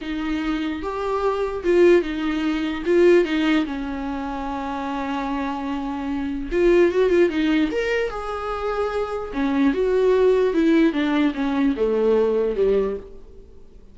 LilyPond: \new Staff \with { instrumentName = "viola" } { \time 4/4 \tempo 4 = 148 dis'2 g'2 | f'4 dis'2 f'4 | dis'4 cis'2.~ | cis'1 |
f'4 fis'8 f'8 dis'4 ais'4 | gis'2. cis'4 | fis'2 e'4 d'4 | cis'4 a2 g4 | }